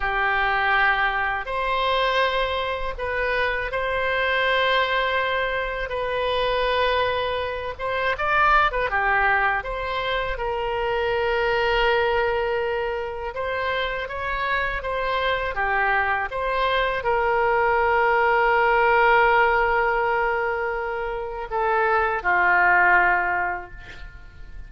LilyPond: \new Staff \with { instrumentName = "oboe" } { \time 4/4 \tempo 4 = 81 g'2 c''2 | b'4 c''2. | b'2~ b'8 c''8 d''8. b'16 | g'4 c''4 ais'2~ |
ais'2 c''4 cis''4 | c''4 g'4 c''4 ais'4~ | ais'1~ | ais'4 a'4 f'2 | }